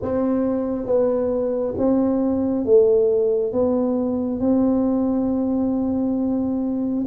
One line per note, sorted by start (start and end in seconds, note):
0.02 0.85 C4
0.85 1.74 B3
1.77 2.65 C4
2.65 3.52 A3
3.52 4.40 B3
4.40 7.04 C4